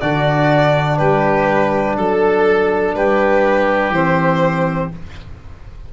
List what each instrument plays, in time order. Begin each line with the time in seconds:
0.00 tuba D3, trombone D4, oboe F#4, violin D5
0.98 tuba G3, oboe G4, violin B4
1.97 tuba F#3, oboe A4, violin A4
2.94 tuba G3, oboe G4, violin B4
3.90 tuba E3, trombone C4, violin C5